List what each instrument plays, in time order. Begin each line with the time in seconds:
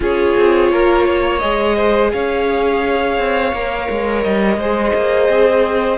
0.00 cello C#4, viola F4, violin G#4 C#5
0.36 cello C4
0.71 cello A#3, violin A#4
1.06 violin C#5
1.39 cello G#3, viola G#4, violin D#5
1.76 violin C5
2.12 cello C#4, violin C#5 F5
3.18 cello C4
3.52 cello A#3, viola A#4
3.90 cello G#3
4.22 cello G3, violin D#5
4.56 cello G#3, viola G#4, violin C5
4.95 cello A#3
5.29 cello C4